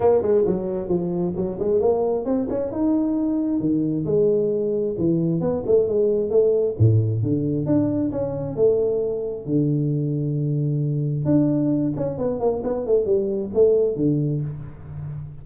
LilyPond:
\new Staff \with { instrumentName = "tuba" } { \time 4/4 \tempo 4 = 133 ais8 gis8 fis4 f4 fis8 gis8 | ais4 c'8 cis'8 dis'2 | dis4 gis2 e4 | b8 a8 gis4 a4 a,4 |
d4 d'4 cis'4 a4~ | a4 d2.~ | d4 d'4. cis'8 b8 ais8 | b8 a8 g4 a4 d4 | }